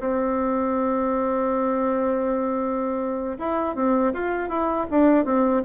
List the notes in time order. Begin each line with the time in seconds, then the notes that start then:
0.00 C4
3.39 E4
3.76 C4
4.14 F4
4.49 E4
4.91 D4
5.25 C4